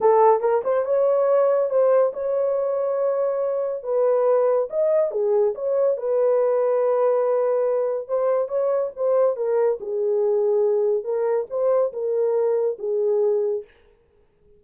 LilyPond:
\new Staff \with { instrumentName = "horn" } { \time 4/4 \tempo 4 = 141 a'4 ais'8 c''8 cis''2 | c''4 cis''2.~ | cis''4 b'2 dis''4 | gis'4 cis''4 b'2~ |
b'2. c''4 | cis''4 c''4 ais'4 gis'4~ | gis'2 ais'4 c''4 | ais'2 gis'2 | }